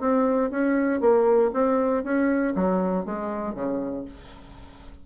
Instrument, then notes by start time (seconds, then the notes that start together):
bassoon
0.00 C4
0.50 C#4
1.00 A#3
1.53 C4
2.04 C#4
2.55 F#3
3.05 G#3
3.55 C#3